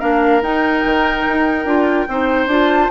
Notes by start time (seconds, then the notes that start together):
0.00 A#3 D4 A#4 F5
0.42 D#4 G5
0.85 D#3
1.28 D#4
1.65 D4 F4
2.08 C4 D#4 C5
2.47 D4 F4 A5